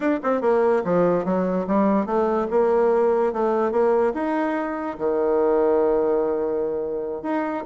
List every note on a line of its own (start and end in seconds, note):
0.00 0.19 D4
0.22 0.41 C4
0.41 0.82 A#3
0.84 1.24 F3
1.24 1.66 F#3
1.67 2.06 G3
2.06 2.47 A3
2.50 3.32 A#3
3.32 3.71 A3
3.71 4.12 A#3
4.14 4.97 D#4
4.98 7.22 D#3
7.22 7.63 D#4